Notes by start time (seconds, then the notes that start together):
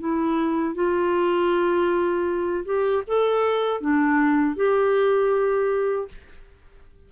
0.00 E4
0.75 F4
2.65 G4
3.07 A4
3.81 D4
4.56 G4